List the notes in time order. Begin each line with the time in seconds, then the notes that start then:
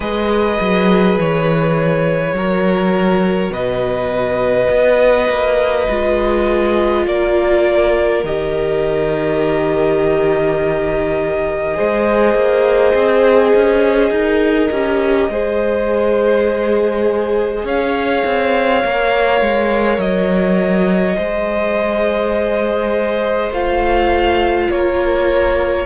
0.00 G#3 G#4 B4 D#5
0.60 F#3
1.18 E3 C#5
2.32 F#3 F#4 A#4
3.50 B2 B4 D#5
4.70 B3
5.28 A#3
5.88 G#3 F4
7.06 A#3 A#4 D5
8.23 D#3 G4 D#5
11.74 G#3 G#4 C5
12.35 A#3
12.94 C4
13.55 C#4
14.11 D#4 A#4
14.71 C#4 G4
15.28 G#3 G#4 C5
17.64 C#4 C#5 F5
18.25 C4
18.84 A#3 A#4
19.41 G#3
19.98 F#3 D#5
21.16 G#3 G#4 C5
23.50 A3 F4 F5
24.70 A#3 A#4 C#5